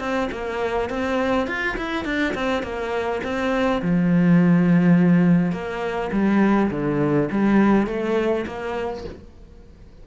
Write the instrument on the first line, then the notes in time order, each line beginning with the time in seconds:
cello
0.00 C4
0.32 A#3
0.90 C4
1.47 F4
1.77 E4
2.05 D4
2.35 C4
2.63 A#3
3.24 C4
3.82 F3
5.52 A#3
6.12 G3
6.71 D3
7.32 G3
7.87 A3
8.47 A#3